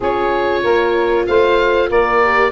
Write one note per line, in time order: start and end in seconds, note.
0.00 0.64 C#4
0.00 2.22 F4
0.00 0.62 G#4
0.00 1.26 C#5
0.62 1.27 A#3
0.62 1.25 A#4
1.26 1.90 A3
1.26 1.89 C5
1.26 1.89 F5
1.89 2.51 A#3
1.89 2.51 A#4
1.89 2.51 D5
2.22 2.51 G4